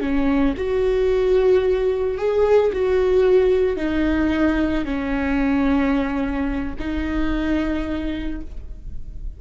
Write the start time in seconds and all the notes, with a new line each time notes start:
0.00 C#4
0.57 F#4
2.17 G#4
2.72 F#4
3.76 D#4
4.85 C#4
6.79 D#4